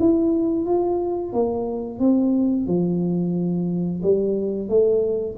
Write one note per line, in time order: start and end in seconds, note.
0.00 0.66 E4
0.66 1.33 F4
1.33 1.99 A#3
1.99 2.67 C4
2.67 4.02 F3
4.03 4.69 G3
4.69 5.36 A3